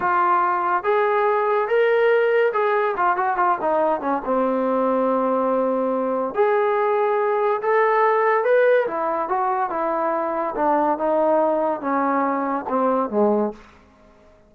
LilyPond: \new Staff \with { instrumentName = "trombone" } { \time 4/4 \tempo 4 = 142 f'2 gis'2 | ais'2 gis'4 f'8 fis'8 | f'8 dis'4 cis'8 c'2~ | c'2. gis'4~ |
gis'2 a'2 | b'4 e'4 fis'4 e'4~ | e'4 d'4 dis'2 | cis'2 c'4 gis4 | }